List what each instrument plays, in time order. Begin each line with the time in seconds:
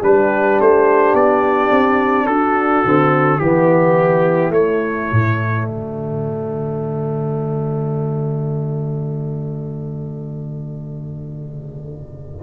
0.00 tuba G3, trombone D4, horn G4, trumpet B4
0.60 tuba A3, trumpet C5
1.13 tuba B3, trumpet D5
1.71 tuba C4
2.26 tuba D4, horn F#4, trumpet A4
2.84 tuba D3, trombone C4
3.38 tuba E3, trombone B3, horn E4, trumpet G4
4.50 tuba A3, trombone A3, trumpet C#5
5.12 tuba A2
5.65 tuba D3, horn F#4, trumpet D5